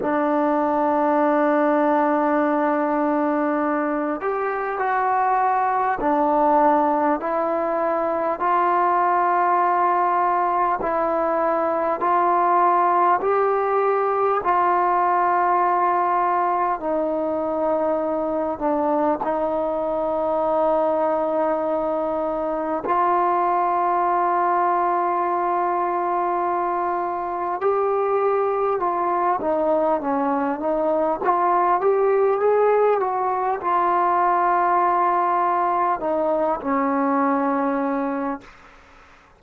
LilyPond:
\new Staff \with { instrumentName = "trombone" } { \time 4/4 \tempo 4 = 50 d'2.~ d'8 g'8 | fis'4 d'4 e'4 f'4~ | f'4 e'4 f'4 g'4 | f'2 dis'4. d'8 |
dis'2. f'4~ | f'2. g'4 | f'8 dis'8 cis'8 dis'8 f'8 g'8 gis'8 fis'8 | f'2 dis'8 cis'4. | }